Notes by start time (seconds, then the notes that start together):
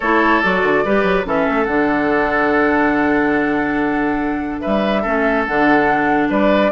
0.00 A3 E4 A4 C#5
0.41 F#3 F#4 D5
0.63 D3
0.84 G3 G4 B4
1.03 F#3
1.24 E3 C#4 A4 E5
1.49 A3
1.65 D3 D4 F#5
4.60 G3 B4 E5
5.02 A3 C#4 A4
5.45 D3 D4 F#5
6.29 G3 B4 D5